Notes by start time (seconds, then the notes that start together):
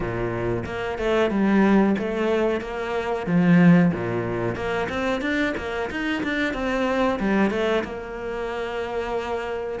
0.00 A#2
0.65 A#3
0.98 A3
1.30 G3
1.98 A3
2.61 A#3
3.26 F3
3.93 A#2
4.55 A#3
4.89 C4
5.21 D4
5.57 A#3
5.90 D#4
6.23 D4
6.53 C4
7.19 G3
7.50 A3
7.83 A#3